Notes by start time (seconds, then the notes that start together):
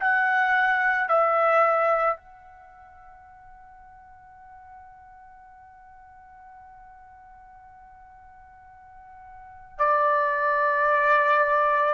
0.00 F#5
1.09 E5
2.17 F#5
9.78 D5